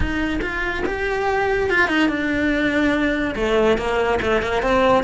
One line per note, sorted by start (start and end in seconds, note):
0.00 0.39 D#4
0.41 0.83 F4
0.86 1.70 G4
1.70 1.88 F4
1.88 2.08 D#4
2.08 3.34 D4
3.35 3.77 A3
3.77 4.19 A#3
4.21 4.42 A3
4.42 4.62 A#3
4.62 5.03 C4